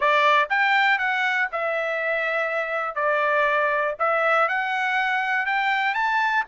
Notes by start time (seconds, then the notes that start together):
0.00 D5
0.49 G5
0.98 F#5
1.52 E5
2.95 D5
3.99 E5
4.48 F#5
5.45 G5
5.94 A5